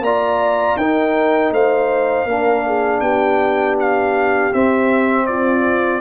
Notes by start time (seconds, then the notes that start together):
0.00 A#3 F4 D5 A#5
0.76 D#4 A#4 G5
1.51 A3 C5 F5
2.25 A#3 D4 A#4
2.66 G#4
3.00 B3 G4 G5
3.79 F5
4.52 C4 E5
5.26 F4 D5